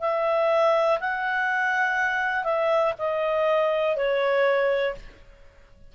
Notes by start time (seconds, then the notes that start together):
0.00 E5
1.00 F#5
2.44 E5
2.98 D#5
3.96 C#5